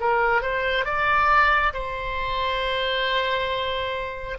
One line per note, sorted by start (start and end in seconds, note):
0.00 0.41 A#4
0.41 0.85 C5
0.85 1.73 D5
1.73 4.38 C5